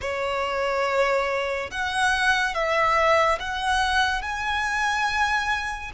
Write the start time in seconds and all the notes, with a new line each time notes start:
0.01 C#5
1.70 F#5
2.54 E5
3.39 F#5
4.22 G#5